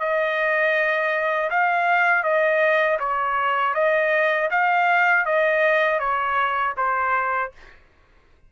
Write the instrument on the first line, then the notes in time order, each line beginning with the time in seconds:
trumpet
0.00 D#5
1.50 F5
2.24 D#5
3.00 C#5
3.75 D#5
4.51 F5
5.26 D#5
6.00 C#5
6.77 C5